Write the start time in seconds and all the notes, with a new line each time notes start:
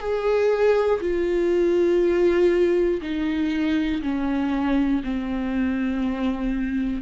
0.00 G#4
1.01 F4
3.02 D#4
4.03 C#4
5.04 C4